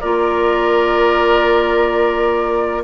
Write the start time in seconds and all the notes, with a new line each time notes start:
0.00 A#3 F4 A#4 D5